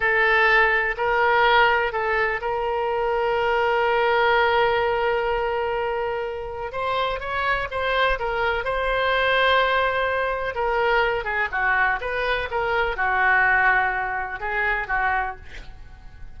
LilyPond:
\new Staff \with { instrumentName = "oboe" } { \time 4/4 \tempo 4 = 125 a'2 ais'2 | a'4 ais'2.~ | ais'1~ | ais'2 c''4 cis''4 |
c''4 ais'4 c''2~ | c''2 ais'4. gis'8 | fis'4 b'4 ais'4 fis'4~ | fis'2 gis'4 fis'4 | }